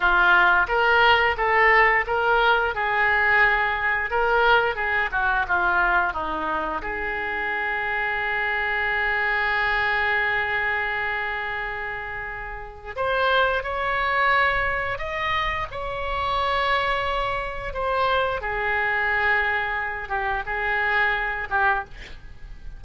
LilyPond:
\new Staff \with { instrumentName = "oboe" } { \time 4/4 \tempo 4 = 88 f'4 ais'4 a'4 ais'4 | gis'2 ais'4 gis'8 fis'8 | f'4 dis'4 gis'2~ | gis'1~ |
gis'2. c''4 | cis''2 dis''4 cis''4~ | cis''2 c''4 gis'4~ | gis'4. g'8 gis'4. g'8 | }